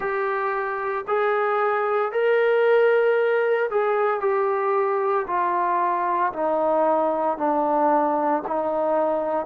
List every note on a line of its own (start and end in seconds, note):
0.00 1.05 G4
1.07 2.11 G#4
2.11 3.69 A#4
3.70 4.20 G#4
4.20 5.25 G4
5.27 6.32 F4
6.32 7.37 D#4
7.37 8.43 D4
8.46 9.45 D#4